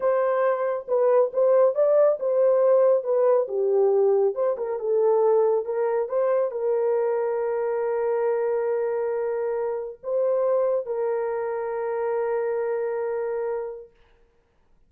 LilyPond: \new Staff \with { instrumentName = "horn" } { \time 4/4 \tempo 4 = 138 c''2 b'4 c''4 | d''4 c''2 b'4 | g'2 c''8 ais'8 a'4~ | a'4 ais'4 c''4 ais'4~ |
ais'1~ | ais'2. c''4~ | c''4 ais'2.~ | ais'1 | }